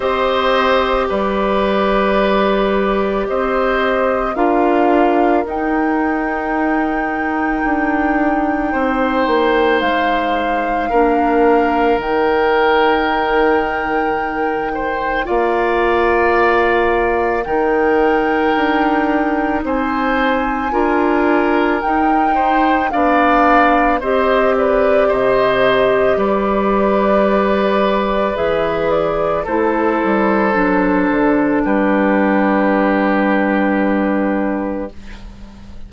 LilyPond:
<<
  \new Staff \with { instrumentName = "flute" } { \time 4/4 \tempo 4 = 55 dis''4 d''2 dis''4 | f''4 g''2.~ | g''4 f''2 g''4~ | g''2 f''2 |
g''2 gis''2 | g''4 f''4 dis''8 d''8 dis''4 | d''2 e''8 d''8 c''4~ | c''4 b'2. | }
  \new Staff \with { instrumentName = "oboe" } { \time 4/4 c''4 b'2 c''4 | ais'1 | c''2 ais'2~ | ais'4. c''8 d''2 |
ais'2 c''4 ais'4~ | ais'8 c''8 d''4 c''8 b'8 c''4 | b'2. a'4~ | a'4 g'2. | }
  \new Staff \with { instrumentName = "clarinet" } { \time 4/4 g'1 | f'4 dis'2.~ | dis'2 d'4 dis'4~ | dis'2 f'2 |
dis'2. f'4 | dis'4 d'4 g'2~ | g'2 gis'4 e'4 | d'1 | }
  \new Staff \with { instrumentName = "bassoon" } { \time 4/4 c'4 g2 c'4 | d'4 dis'2 d'4 | c'8 ais8 gis4 ais4 dis4~ | dis2 ais2 |
dis4 d'4 c'4 d'4 | dis'4 b4 c'4 c4 | g2 e4 a8 g8 | fis8 d8 g2. | }
>>